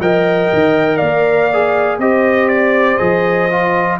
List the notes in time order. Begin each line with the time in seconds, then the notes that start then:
0.00 F3 A#4 D#5 G5
0.53 D#3
0.97 A#3 D5 F5
1.53 G#4
1.98 C4 G4 C5 D#5
2.48 D5
2.97 F3 G#4 D#5
3.51 F4